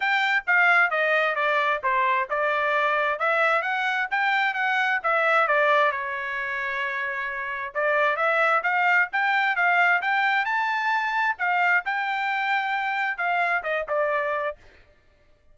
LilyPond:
\new Staff \with { instrumentName = "trumpet" } { \time 4/4 \tempo 4 = 132 g''4 f''4 dis''4 d''4 | c''4 d''2 e''4 | fis''4 g''4 fis''4 e''4 | d''4 cis''2.~ |
cis''4 d''4 e''4 f''4 | g''4 f''4 g''4 a''4~ | a''4 f''4 g''2~ | g''4 f''4 dis''8 d''4. | }